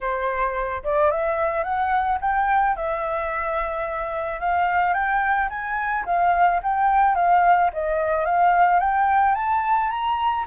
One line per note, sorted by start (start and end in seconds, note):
0.00 0.83 C5
0.83 1.10 D5
1.10 1.63 E5
1.63 2.18 F#5
2.20 2.75 G5
2.75 4.40 E5
4.40 4.93 F5
4.93 5.48 G5
5.49 6.04 G#5
6.05 6.60 F5
6.62 7.15 G5
7.15 7.70 F5
7.73 8.25 D#5
8.25 8.79 F5
8.79 9.34 G5
9.35 9.90 A5
9.90 10.45 A#5